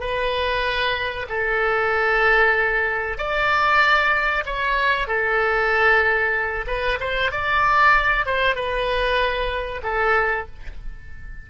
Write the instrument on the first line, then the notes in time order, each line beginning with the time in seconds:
oboe
0.00 B4
1.29 A4
3.17 D5
4.46 C#5
5.07 A4
6.67 B4
7.00 C5
7.31 D5
8.26 C5
8.55 B4
9.83 A4